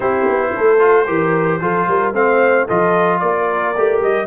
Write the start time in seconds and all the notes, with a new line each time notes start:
0.00 C4 E4 G4 C5
0.27 B3
0.54 A3 A4
0.78 F4
1.06 E3 G4 A#4
1.60 F3 F4 A4
1.87 G3 A#4
2.13 A3 C4 C5 F5
2.65 F3 F4 A4 D#5
3.19 A#3 A#4 D5
3.77 A3 G4
4.00 G3 D#5